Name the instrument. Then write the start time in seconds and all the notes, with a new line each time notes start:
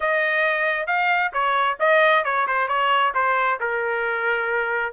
trumpet
0.00 D#5
0.86 F5
1.33 C#5
1.79 D#5
2.24 C#5
2.47 C5
2.68 C#5
3.14 C5
3.59 A#4